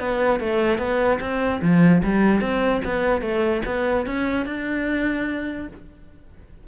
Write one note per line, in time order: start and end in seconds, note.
0.00 0.40 B3
0.40 0.79 A3
0.79 1.19 B3
1.21 1.61 C4
1.62 2.03 F3
2.04 2.42 G3
2.42 2.82 C4
2.85 3.22 B3
3.22 3.62 A3
3.66 4.07 B3
4.07 4.46 C#4
4.46 5.68 D4